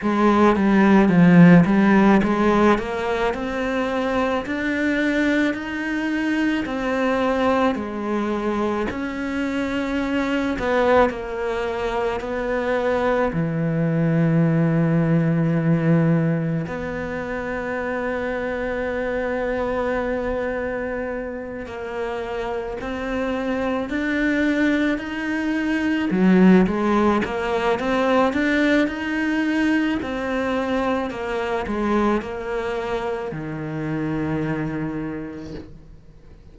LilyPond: \new Staff \with { instrumentName = "cello" } { \time 4/4 \tempo 4 = 54 gis8 g8 f8 g8 gis8 ais8 c'4 | d'4 dis'4 c'4 gis4 | cis'4. b8 ais4 b4 | e2. b4~ |
b2.~ b8 ais8~ | ais8 c'4 d'4 dis'4 fis8 | gis8 ais8 c'8 d'8 dis'4 c'4 | ais8 gis8 ais4 dis2 | }